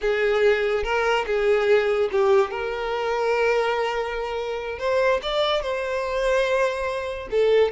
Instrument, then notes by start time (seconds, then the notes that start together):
violin
0.01 G#4
0.83 A#4
1.26 G#4
2.11 G4
2.50 A#4
4.78 C5
5.22 D5
5.62 C5
7.30 A4